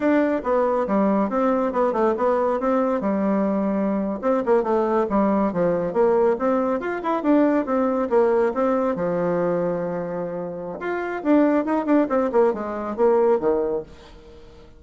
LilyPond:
\new Staff \with { instrumentName = "bassoon" } { \time 4/4 \tempo 4 = 139 d'4 b4 g4 c'4 | b8 a8 b4 c'4 g4~ | g4.~ g16 c'8 ais8 a4 g16~ | g8. f4 ais4 c'4 f'16~ |
f'16 e'8 d'4 c'4 ais4 c'16~ | c'8. f2.~ f16~ | f4 f'4 d'4 dis'8 d'8 | c'8 ais8 gis4 ais4 dis4 | }